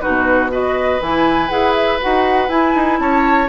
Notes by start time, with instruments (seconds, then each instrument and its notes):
0.00 clarinet D#4, oboe F#4, flute B4
0.07 bassoon B2
0.51 clarinet F#4, oboe B4, flute D#5
1.00 bassoon E3, clarinet E4, flute G#5
1.49 bassoon E4, clarinet G#4, flute F#5
1.75 flute E5
2.01 bassoon D#4, clarinet F#4, flute F#5
2.48 bassoon E4, clarinet E4, flute G#5
2.75 bassoon D#4
2.99 bassoon C#4, oboe C#5, flute A5